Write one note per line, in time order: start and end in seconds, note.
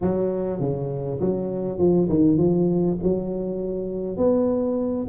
0.01 0.59 F#3
0.59 1.19 C#3
1.20 1.78 F#3
1.78 2.08 F3
2.09 2.37 D#3
2.37 2.97 F3
3.02 4.17 F#3
4.17 5.07 B3